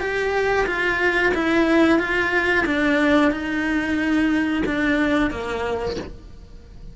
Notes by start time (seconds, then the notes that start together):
0.00 G4
0.66 F4
1.34 E4
1.99 F4
2.65 D4
3.31 D#4
4.65 D4
5.30 A#3